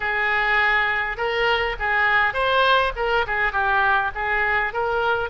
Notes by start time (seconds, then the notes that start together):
0.00 G#4
1.17 A#4
1.79 G#4
2.33 C5
2.96 A#4
3.26 G#4
3.52 G4
4.14 G#4
4.73 A#4